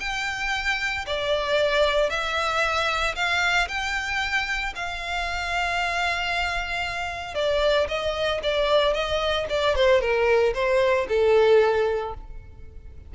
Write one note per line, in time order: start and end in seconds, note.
0.00 1.05 G5
1.06 2.10 D5
2.10 3.15 E5
3.15 3.68 F5
3.68 4.73 G5
4.76 7.35 F5
7.35 7.87 D5
7.88 8.41 D#5
8.43 8.94 D5
8.94 9.46 D#5
9.50 9.75 D5
9.75 10.01 C5
10.01 10.54 A#4
10.55 11.07 C5
11.09 12.14 A4